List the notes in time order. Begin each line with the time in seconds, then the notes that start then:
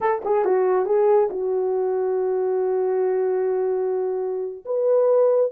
0.00 A4
0.25 G#4
0.44 F#4
0.85 G#4
1.30 F#4
4.65 B4